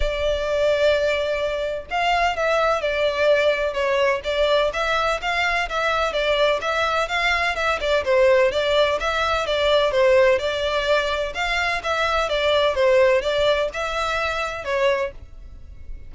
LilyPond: \new Staff \with { instrumentName = "violin" } { \time 4/4 \tempo 4 = 127 d''1 | f''4 e''4 d''2 | cis''4 d''4 e''4 f''4 | e''4 d''4 e''4 f''4 |
e''8 d''8 c''4 d''4 e''4 | d''4 c''4 d''2 | f''4 e''4 d''4 c''4 | d''4 e''2 cis''4 | }